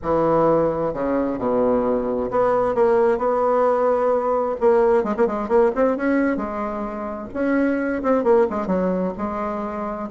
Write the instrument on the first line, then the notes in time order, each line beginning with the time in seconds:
bassoon
0.02 E3
0.93 C#3
1.38 B2
2.30 B3
2.74 A#3
3.18 B3
4.60 A#3
5.03 G#3
5.17 A#3
5.27 G#3
5.48 A#3
5.75 C4
5.97 C#4
6.37 G#3
7.33 C#4
8.02 C4
8.23 A#3
8.50 G#3
8.66 F#3
9.17 G#3